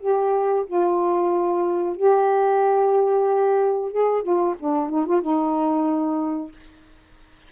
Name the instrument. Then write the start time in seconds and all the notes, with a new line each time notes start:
saxophone
0.00 G4
0.67 F4
1.97 G4
3.92 G#4
4.22 F4
4.59 D4
4.89 D#4
5.06 F4
5.21 D#4